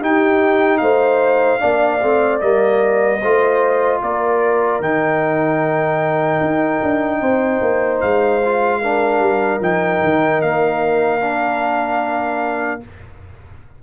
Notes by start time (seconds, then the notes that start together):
0.00 D#4 G4 G5
0.78 A3 C5 F5
1.60 A#3 D4 D5
2.02 A3 C4
2.41 G3 A#3 D#5
3.22 A3 F4 C5
4.03 A#3 A#4 D5
4.80 D#3 D#4 G5
6.41 D#4
6.83 D4
7.20 C4 C5
7.62 A#3
8.01 G#3 F5
8.45 F4
8.81 D4 A#4
9.20 G3
9.60 F3 D#4 G5
10.04 D#3
10.42 A#3 F5
11.21 D4